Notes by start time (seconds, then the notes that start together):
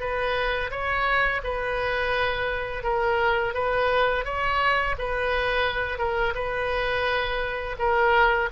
0.00 B4
0.71 C#5
1.43 B4
2.83 A#4
3.54 B4
4.25 C#5
4.98 B4
5.98 A#4
6.35 B4
7.79 A#4